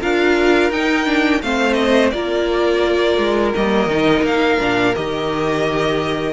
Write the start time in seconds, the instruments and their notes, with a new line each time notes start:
0.00 cello D4, viola F4, violin A#4 F5
0.70 cello D#4, viola D#4, violin G5
1.05 viola D4
1.42 cello A3, viola C4, violin C5 F5
1.74 violin D#5
2.11 cello A#3, viola F4, violin A#4 D5
3.18 cello G#3
3.55 cello G3, viola A#3, violin D#5
3.87 cello D#3, viola D#4
4.22 cello A#3, violin F5
4.59 cello A#2, viola D4
4.95 cello D#3, viola G4, violin D#5